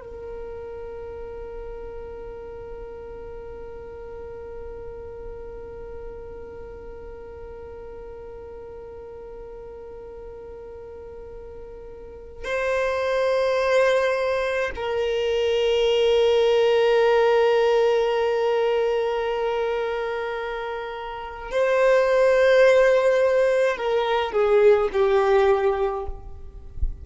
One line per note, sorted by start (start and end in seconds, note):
0.00 12.44 A#4
12.44 14.70 C5
14.75 21.51 A#4
21.51 23.77 C5
23.77 24.32 A#4
24.32 24.89 G#4
24.92 26.05 G4